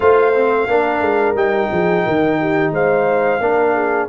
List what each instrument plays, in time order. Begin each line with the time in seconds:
0.00 tuba A3, trombone F4, horn C5, trumpet F5
0.33 trombone C4
0.67 tuba A#3, trombone D4, horn A#4
1.01 tuba G#3
1.34 tuba G3, trombone D#4, trumpet G5
1.71 tuba F3, horn G#4
2.04 tuba D#3, horn A#4
2.40 horn G4
2.71 tuba G#3, horn C5, trumpet F5
3.40 tuba A#3, trombone D4, horn A#4
3.73 horn G#4